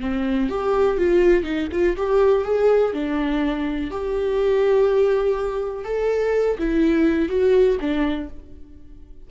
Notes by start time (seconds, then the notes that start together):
0.00 C4
0.49 G4
0.97 F4
1.43 D#4
1.72 F4
1.97 G4
2.44 G#4
2.93 D4
3.91 G4
5.84 A4
6.58 E4
7.28 F#4
7.80 D4